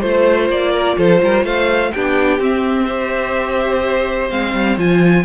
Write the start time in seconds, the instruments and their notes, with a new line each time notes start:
0.00 cello A3, viola F4, violin C5
0.49 cello A#3, violin D5
0.72 violin A#4
0.97 cello F3, violin A4 C5
1.22 cello G3, violin A#4
1.44 cello A3, violin C5 F5
1.92 cello B3, viola D4, violin G4 G5
2.39 cello C4, viola C4, violin E5
2.85 viola G4, violin C5
4.30 cello G#3, viola C4, violin F5
4.53 cello G3
4.77 cello F3, viola F4, violin G#5